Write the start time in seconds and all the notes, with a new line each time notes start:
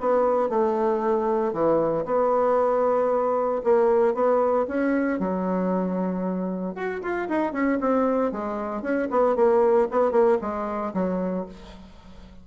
0.00 B3
0.49 A3
1.53 E3
2.05 B3
3.64 A#3
4.14 B3
4.68 C#4
5.19 F#3
6.75 F#4
7.02 F4
7.29 D#4
7.52 C#4
7.80 C4
8.32 G#3
8.82 C#4
9.10 B3
9.35 A#3
9.91 B3
10.11 A#3
10.41 G#3
10.94 F#3